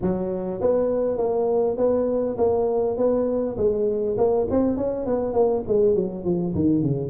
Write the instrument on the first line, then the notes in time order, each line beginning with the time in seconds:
tuba
0.01 F#3
0.60 B3
1.17 A#3
1.77 B3
2.37 A#3
2.97 B3
3.57 G#3
4.17 A#3
4.50 C4
4.76 C#4
5.05 B3
5.33 A#3
5.67 G#3
5.95 F#3
6.24 F3
6.54 D#3
6.82 C#3